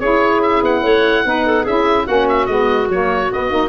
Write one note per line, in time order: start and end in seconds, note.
0.00 0.62 C#4
0.00 1.25 E4
0.00 0.83 G#4
0.00 0.42 C#5
0.43 0.64 E5
0.63 0.83 B3
0.63 1.67 F#5
0.83 1.24 A3
0.83 1.24 C#5
1.25 1.66 B3
1.25 1.66 D#4
1.25 1.47 B4
1.47 1.63 A4
1.63 2.08 C#4
1.63 2.07 E4
1.63 2.04 G#4
1.63 2.07 E5
2.06 2.48 A#3
2.06 2.49 C#4
2.06 3.69 F#4
2.06 2.28 F#5
2.29 2.46 E5
2.46 2.89 G#3
2.46 2.90 B3
2.46 2.88 D#5
2.89 3.30 F#3
2.89 3.32 A#3
2.89 3.33 C#5
3.32 3.51 B3
3.32 3.69 D#5
3.51 3.69 A#3
3.51 3.69 D#4